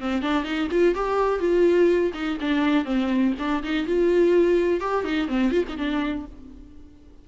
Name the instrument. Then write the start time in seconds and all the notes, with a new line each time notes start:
viola
0.00 C4
0.22 D4
0.44 D#4
0.71 F4
0.95 G4
1.39 F4
2.14 D#4
2.41 D4
2.85 C4
3.39 D4
3.63 D#4
3.86 F4
4.80 G4
5.05 D#4
5.28 C4
5.52 F4
5.69 D#4
5.77 D4